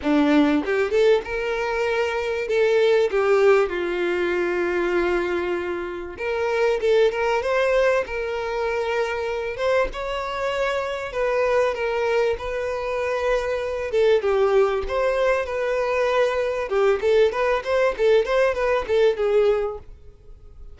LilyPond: \new Staff \with { instrumentName = "violin" } { \time 4/4 \tempo 4 = 97 d'4 g'8 a'8 ais'2 | a'4 g'4 f'2~ | f'2 ais'4 a'8 ais'8 | c''4 ais'2~ ais'8 c''8 |
cis''2 b'4 ais'4 | b'2~ b'8 a'8 g'4 | c''4 b'2 g'8 a'8 | b'8 c''8 a'8 c''8 b'8 a'8 gis'4 | }